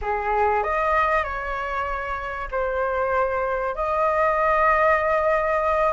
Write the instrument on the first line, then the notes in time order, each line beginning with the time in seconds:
flute
0.01 G#4
0.63 D#5
1.23 C#5
2.51 C5
3.75 D#5